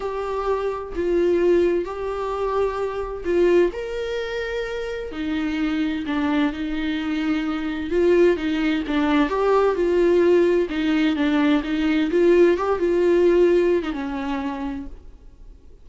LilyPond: \new Staff \with { instrumentName = "viola" } { \time 4/4 \tempo 4 = 129 g'2 f'2 | g'2. f'4 | ais'2. dis'4~ | dis'4 d'4 dis'2~ |
dis'4 f'4 dis'4 d'4 | g'4 f'2 dis'4 | d'4 dis'4 f'4 g'8 f'8~ | f'4.~ f'16 dis'16 cis'2 | }